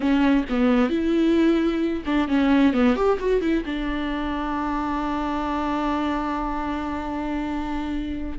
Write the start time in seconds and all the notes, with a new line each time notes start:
0.00 C#4
0.49 B3
0.89 E4
2.05 D4
2.27 C#4
2.73 B3
2.95 G4
3.19 F#4
3.41 E4
3.65 D4